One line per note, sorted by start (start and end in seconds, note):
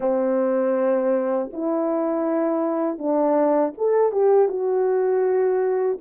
0.00 1.50 C4
1.52 2.98 E4
2.98 3.73 D4
3.77 4.11 A4
4.11 4.48 G4
4.48 5.98 F#4